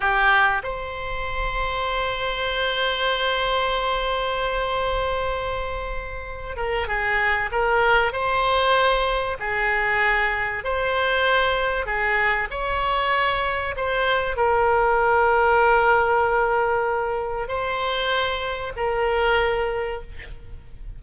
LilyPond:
\new Staff \with { instrumentName = "oboe" } { \time 4/4 \tempo 4 = 96 g'4 c''2.~ | c''1~ | c''2~ c''8 ais'8 gis'4 | ais'4 c''2 gis'4~ |
gis'4 c''2 gis'4 | cis''2 c''4 ais'4~ | ais'1 | c''2 ais'2 | }